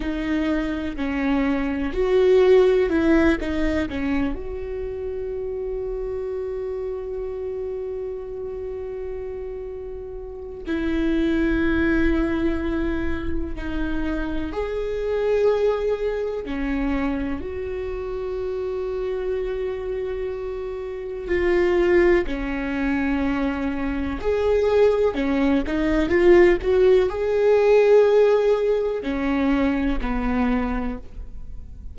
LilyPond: \new Staff \with { instrumentName = "viola" } { \time 4/4 \tempo 4 = 62 dis'4 cis'4 fis'4 e'8 dis'8 | cis'8 fis'2.~ fis'8~ | fis'2. e'4~ | e'2 dis'4 gis'4~ |
gis'4 cis'4 fis'2~ | fis'2 f'4 cis'4~ | cis'4 gis'4 cis'8 dis'8 f'8 fis'8 | gis'2 cis'4 b4 | }